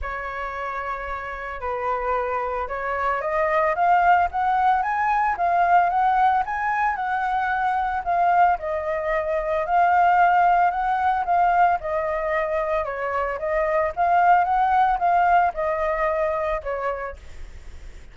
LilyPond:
\new Staff \with { instrumentName = "flute" } { \time 4/4 \tempo 4 = 112 cis''2. b'4~ | b'4 cis''4 dis''4 f''4 | fis''4 gis''4 f''4 fis''4 | gis''4 fis''2 f''4 |
dis''2 f''2 | fis''4 f''4 dis''2 | cis''4 dis''4 f''4 fis''4 | f''4 dis''2 cis''4 | }